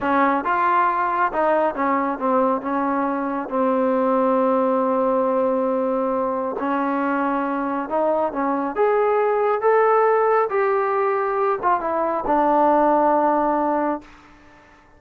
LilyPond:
\new Staff \with { instrumentName = "trombone" } { \time 4/4 \tempo 4 = 137 cis'4 f'2 dis'4 | cis'4 c'4 cis'2 | c'1~ | c'2. cis'4~ |
cis'2 dis'4 cis'4 | gis'2 a'2 | g'2~ g'8 f'8 e'4 | d'1 | }